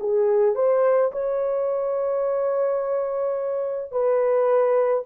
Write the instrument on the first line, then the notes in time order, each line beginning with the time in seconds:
horn
0.00 G#4
0.55 C5
1.12 C#5
3.92 B4